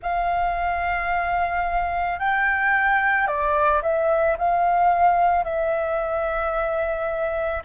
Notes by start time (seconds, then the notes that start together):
0.02 F5
2.19 G5
3.27 D5
3.82 E5
4.37 F5
5.43 E5